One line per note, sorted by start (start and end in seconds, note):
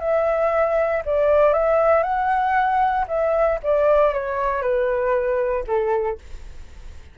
0.00 1.03 E5
1.06 1.53 D5
1.53 2.03 E5
2.03 3.06 F#5
3.08 3.59 E5
3.63 4.13 D5
4.13 4.62 C#5
4.62 5.65 B4
5.67 6.18 A4